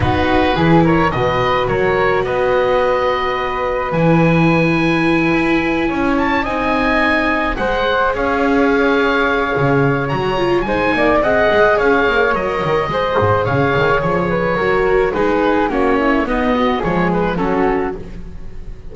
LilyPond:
<<
  \new Staff \with { instrumentName = "oboe" } { \time 4/4 \tempo 4 = 107 b'4. cis''8 dis''4 cis''4 | dis''2. gis''4~ | gis''2. a''8 gis''8~ | gis''4. fis''4 f''4.~ |
f''2 ais''4 gis''4 | fis''4 f''4 dis''2 | f''4 cis''2 b'4 | cis''4 dis''4 cis''8 b'8 a'4 | }
  \new Staff \with { instrumentName = "flute" } { \time 4/4 fis'4 gis'8 ais'8 b'4 ais'4 | b'1~ | b'2~ b'8 cis''4 dis''8~ | dis''4. c''4 cis''4.~ |
cis''2. c''8 d''8 | dis''4 cis''2 c''4 | cis''4. b'8 ais'4 gis'4 | fis'8 e'8 dis'8 fis'8 gis'4 fis'4 | }
  \new Staff \with { instrumentName = "viola" } { \time 4/4 dis'4 e'4 fis'2~ | fis'2. e'4~ | e'2.~ e'8 dis'8~ | dis'4. gis'2~ gis'8~ |
gis'2 fis'8 f'8 dis'4 | gis'2 ais'4 gis'4~ | gis'2 fis'4 dis'4 | cis'4 b4 gis4 cis'4 | }
  \new Staff \with { instrumentName = "double bass" } { \time 4/4 b4 e4 b,4 fis4 | b2. e4~ | e4. e'4 cis'4 c'8~ | c'4. gis4 cis'4.~ |
cis'4 cis4 fis4 gis8 ais8 | c'8 gis8 cis'8 ais8 fis8 dis8 gis8 gis,8 | cis8 dis8 f4 fis4 gis4 | ais4 b4 f4 fis4 | }
>>